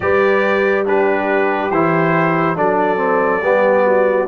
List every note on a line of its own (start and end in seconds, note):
0.00 1.70 G3
0.00 0.85 G4
0.00 0.87 B4
0.00 0.85 D5
0.85 1.71 D4
0.85 2.57 G4
0.85 1.70 B4
1.70 2.56 E3
1.70 2.56 E4
1.70 2.56 C5
2.56 3.42 F#3
2.56 2.97 D4
2.56 3.42 A4
2.56 4.27 D5
2.97 3.39 C4
3.42 4.27 G3
3.42 4.27 B3
3.42 3.85 G4
3.86 4.27 F#4